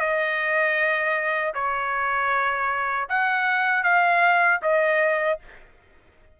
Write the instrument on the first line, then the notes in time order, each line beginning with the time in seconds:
trumpet
0.00 D#5
1.55 C#5
3.09 F#5
3.84 F5
4.63 D#5